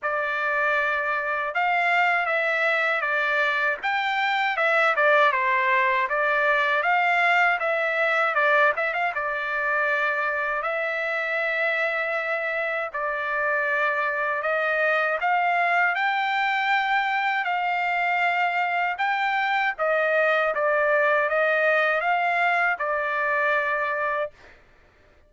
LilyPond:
\new Staff \with { instrumentName = "trumpet" } { \time 4/4 \tempo 4 = 79 d''2 f''4 e''4 | d''4 g''4 e''8 d''8 c''4 | d''4 f''4 e''4 d''8 e''16 f''16 | d''2 e''2~ |
e''4 d''2 dis''4 | f''4 g''2 f''4~ | f''4 g''4 dis''4 d''4 | dis''4 f''4 d''2 | }